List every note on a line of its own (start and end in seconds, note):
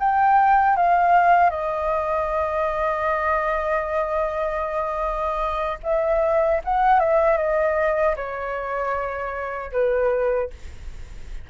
0.00 0.77 G5
0.77 1.50 F5
1.50 5.79 D#5
5.84 6.62 E5
6.65 7.00 F#5
7.00 7.37 E5
7.37 8.15 D#5
8.16 9.72 C#5
9.72 10.50 B4